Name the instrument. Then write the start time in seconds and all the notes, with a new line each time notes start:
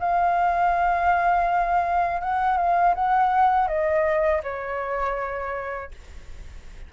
flute
0.00 F5
2.21 F#5
2.58 F5
2.95 F#5
3.68 D#5
4.43 C#5